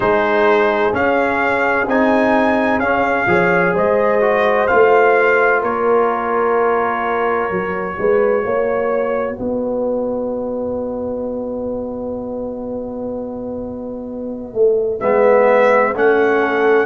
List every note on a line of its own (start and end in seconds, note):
0.00 0.91 G#3
0.00 0.92 D#4
0.00 3.28 G#4
0.00 0.94 C5
0.92 1.86 C#4
0.92 1.88 F5
1.86 2.78 C4
1.86 2.82 D#4
1.86 2.79 G#5
2.78 3.25 C#4
2.78 3.27 C#4
2.78 3.73 F5
3.26 3.73 F3
3.26 4.21 G#4
3.26 3.74 C#5
3.74 4.68 G#3
3.74 5.60 C5
3.74 4.67 D#5
4.21 4.68 F#4
4.67 5.62 A3
4.67 7.51 F4
4.67 5.61 F5
5.60 7.50 A#3
5.60 7.95 A#4
5.60 9.38 C#5
7.50 7.97 F#3
7.50 15.00 F#4
7.98 8.44 G#3
7.98 8.44 B4
8.44 9.38 A#3
8.44 9.35 C#5
9.35 14.53 B3
9.35 16.38 B4
9.35 15.00 D#5
14.53 15.00 A3
15.00 15.95 G#3
15.00 15.94 B3
15.00 15.93 E5
15.95 16.86 A3
15.95 16.86 C#4
15.95 16.86 F#5
16.40 16.86 A4